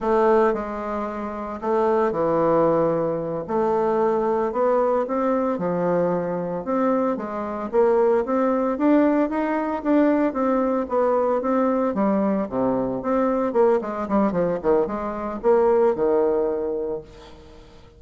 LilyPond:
\new Staff \with { instrumentName = "bassoon" } { \time 4/4 \tempo 4 = 113 a4 gis2 a4 | e2~ e8 a4.~ | a8 b4 c'4 f4.~ | f8 c'4 gis4 ais4 c'8~ |
c'8 d'4 dis'4 d'4 c'8~ | c'8 b4 c'4 g4 c8~ | c8 c'4 ais8 gis8 g8 f8 dis8 | gis4 ais4 dis2 | }